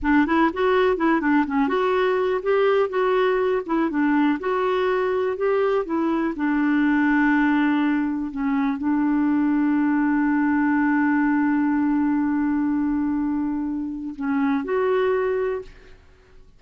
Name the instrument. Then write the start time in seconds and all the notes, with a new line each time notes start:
clarinet
0.02 D4
0.26 E4
0.53 F#4
0.96 E4
1.21 D4
1.46 C#4
1.67 F#4
2.42 G4
2.89 F#4
3.66 E4
3.89 D4
4.39 F#4
5.37 G4
5.85 E4
6.36 D4
8.31 C#4
8.78 D4
14.15 C#4
14.64 F#4